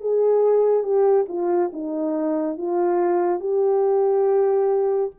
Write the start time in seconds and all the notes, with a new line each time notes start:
0.00 G#4
0.83 G4
1.28 F4
1.73 D#4
2.57 F4
3.39 G4